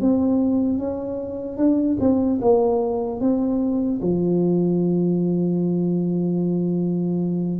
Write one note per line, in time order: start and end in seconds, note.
0.00 0.79 C4
0.79 1.57 C#4
1.57 1.97 D4
2.00 2.40 C4
2.41 3.20 A#3
3.20 4.00 C4
4.01 7.60 F3